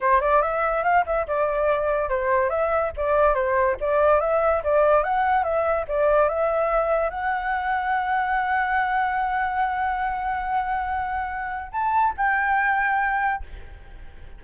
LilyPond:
\new Staff \with { instrumentName = "flute" } { \time 4/4 \tempo 4 = 143 c''8 d''8 e''4 f''8 e''8 d''4~ | d''4 c''4 e''4 d''4 | c''4 d''4 e''4 d''4 | fis''4 e''4 d''4 e''4~ |
e''4 fis''2.~ | fis''1~ | fis''1 | a''4 g''2. | }